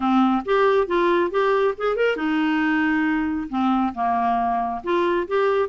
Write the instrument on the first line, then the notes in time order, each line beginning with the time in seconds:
clarinet
0.00 C4
0.45 G4
0.87 F4
1.30 G4
1.77 G#4
1.96 A#4
2.16 D#4
3.49 C4
3.94 A#3
4.83 F4
5.27 G4